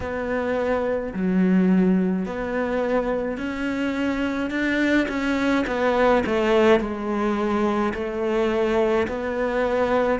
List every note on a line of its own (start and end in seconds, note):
0.00 1.13 B3
1.13 2.25 F#3
2.25 3.37 B3
3.37 4.50 C#4
4.50 5.06 D4
5.08 5.64 C#4
5.67 6.23 B3
6.26 6.79 A3
6.79 7.92 G#3
7.93 9.07 A3
9.07 10.19 B3